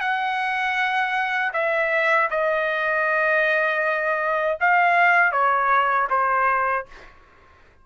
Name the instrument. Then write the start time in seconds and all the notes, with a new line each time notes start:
trumpet
0.00 F#5
1.53 E5
2.30 D#5
4.61 F5
5.32 C#5
6.10 C5